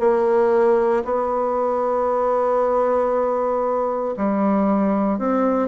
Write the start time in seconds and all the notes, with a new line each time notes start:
0.00 A#3
1.05 B3
4.17 G3
5.19 C4